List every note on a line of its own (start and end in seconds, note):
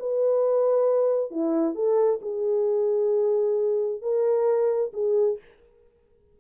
0.00 1.31 B4
1.31 1.75 E4
1.75 2.20 A4
2.22 4.02 G#4
4.02 4.92 A#4
4.94 5.39 G#4